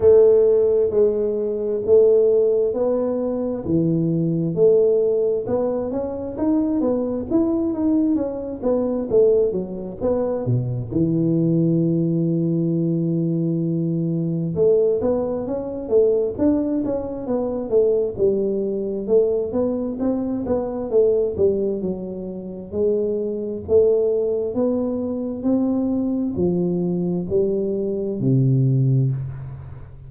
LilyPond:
\new Staff \with { instrumentName = "tuba" } { \time 4/4 \tempo 4 = 66 a4 gis4 a4 b4 | e4 a4 b8 cis'8 dis'8 b8 | e'8 dis'8 cis'8 b8 a8 fis8 b8 b,8 | e1 |
a8 b8 cis'8 a8 d'8 cis'8 b8 a8 | g4 a8 b8 c'8 b8 a8 g8 | fis4 gis4 a4 b4 | c'4 f4 g4 c4 | }